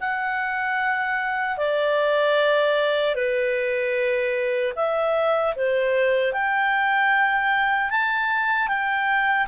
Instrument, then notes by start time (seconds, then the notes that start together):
clarinet
0.00 F#5
1.58 D5
3.15 B4
4.76 E5
5.56 C5
6.33 G5
7.90 A5
8.68 G5